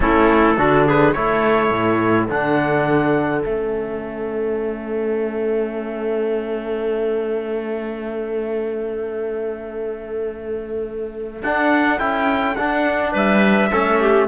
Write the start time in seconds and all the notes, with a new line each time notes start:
0.00 A3 C#4 E4 A4
0.56 D3 D4 F#4
0.86 G#4 B4
1.12 A3 E4 A4 C#5
1.70 A2
2.29 D3 D4 F#5
3.41 A3 C#4 E5
11.42 D4 F#5
11.99 C#4 E4 G5
12.55 D4 F#5
13.11 G3 B4 E5
13.70 A3 C#4 A4
14.01 G4